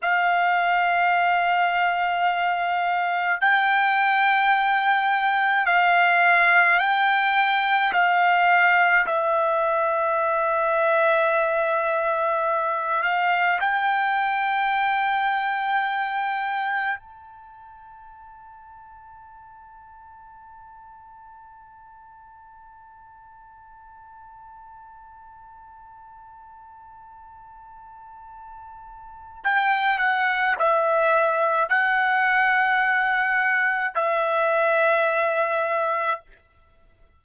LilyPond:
\new Staff \with { instrumentName = "trumpet" } { \time 4/4 \tempo 4 = 53 f''2. g''4~ | g''4 f''4 g''4 f''4 | e''2.~ e''8 f''8 | g''2. a''4~ |
a''1~ | a''1~ | a''2 g''8 fis''8 e''4 | fis''2 e''2 | }